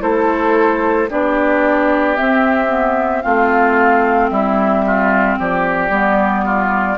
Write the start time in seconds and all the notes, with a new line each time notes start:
0.00 A3 E4 A4 C5
1.10 B3 D4 G4 D5
2.16 C4 E5
2.69 B3
3.22 A3 C4 F4 F5
4.29 G3 E4 E5
4.86 F4
5.39 F3 G4 D5
5.90 G3 B3
6.45 F4